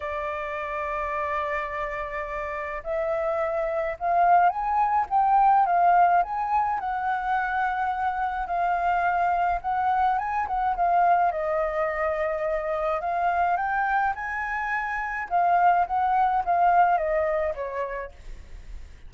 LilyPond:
\new Staff \with { instrumentName = "flute" } { \time 4/4 \tempo 4 = 106 d''1~ | d''4 e''2 f''4 | gis''4 g''4 f''4 gis''4 | fis''2. f''4~ |
f''4 fis''4 gis''8 fis''8 f''4 | dis''2. f''4 | g''4 gis''2 f''4 | fis''4 f''4 dis''4 cis''4 | }